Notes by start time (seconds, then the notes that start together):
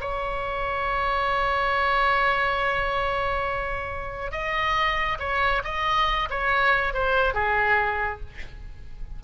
0.00 C#5
4.31 D#5
5.19 C#5
5.64 D#5
6.30 C#5
6.93 C5
7.34 G#4